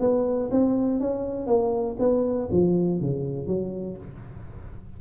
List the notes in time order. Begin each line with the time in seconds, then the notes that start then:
0.00 B3
0.51 C4
1.00 C#4
1.47 A#3
1.99 B3
2.52 F3
3.01 C#3
3.47 F#3